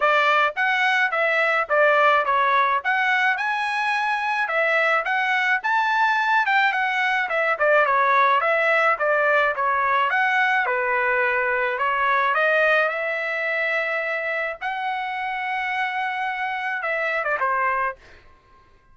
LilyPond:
\new Staff \with { instrumentName = "trumpet" } { \time 4/4 \tempo 4 = 107 d''4 fis''4 e''4 d''4 | cis''4 fis''4 gis''2 | e''4 fis''4 a''4. g''8 | fis''4 e''8 d''8 cis''4 e''4 |
d''4 cis''4 fis''4 b'4~ | b'4 cis''4 dis''4 e''4~ | e''2 fis''2~ | fis''2 e''8. d''16 c''4 | }